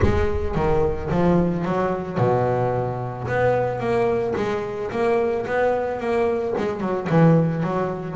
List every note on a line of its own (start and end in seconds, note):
0.02 0.55 G#3
0.55 1.09 D#3
1.10 1.64 F3
1.64 2.18 F#3
2.18 3.27 B2
3.27 3.79 B3
3.79 4.34 A#3
4.36 4.90 G#3
4.91 5.45 A#3
5.46 6.00 B3
6.00 6.54 A#3
6.57 6.80 G#3
6.80 7.07 F#3
7.09 7.63 E3
7.63 8.16 F#3